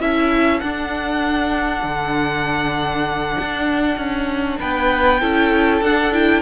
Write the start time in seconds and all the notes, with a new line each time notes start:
0.00 C#4 E4 A4 E5
0.60 D4 F#5
1.84 D3
3.41 D4
3.97 C#4
4.60 B3 B4 G5
5.21 C#4 E4 A4
5.82 D4 F#5
6.13 E4 G5